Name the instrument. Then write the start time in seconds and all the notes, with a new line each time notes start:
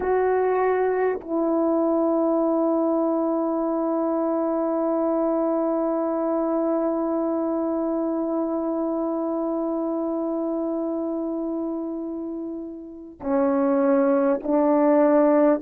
horn
0.00 F#4
1.20 E4
13.20 C#4
14.43 D4